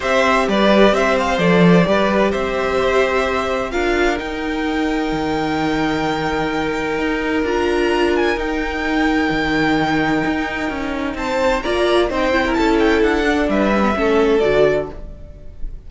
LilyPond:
<<
  \new Staff \with { instrumentName = "violin" } { \time 4/4 \tempo 4 = 129 e''4 d''4 e''8 f''8 d''4~ | d''4 e''2. | f''4 g''2.~ | g''1 |
ais''4. gis''8 g''2~ | g''1 | a''4 ais''4 g''4 a''8 g''8 | fis''4 e''2 d''4 | }
  \new Staff \with { instrumentName = "violin" } { \time 4/4 c''4 b'4 c''2 | b'4 c''2. | ais'1~ | ais'1~ |
ais'1~ | ais'1 | c''4 d''4 c''8. ais'16 a'4~ | a'4 b'4 a'2 | }
  \new Staff \with { instrumentName = "viola" } { \time 4/4 g'2. a'4 | g'1 | f'4 dis'2.~ | dis'1 |
f'2 dis'2~ | dis'1~ | dis'4 f'4 dis'8 e'4.~ | e'8 d'4 cis'16 b16 cis'4 fis'4 | }
  \new Staff \with { instrumentName = "cello" } { \time 4/4 c'4 g4 c'4 f4 | g4 c'2. | d'4 dis'2 dis4~ | dis2. dis'4 |
d'2 dis'2 | dis2 dis'4 cis'4 | c'4 ais4 c'4 cis'4 | d'4 g4 a4 d4 | }
>>